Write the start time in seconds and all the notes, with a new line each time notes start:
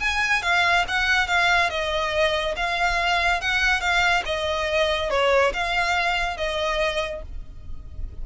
0.00 G#5
0.42 F5
0.88 F#5
1.27 F5
1.70 D#5
2.56 F5
3.41 F#5
3.81 F5
4.26 D#5
5.10 C#5
5.54 F5
6.37 D#5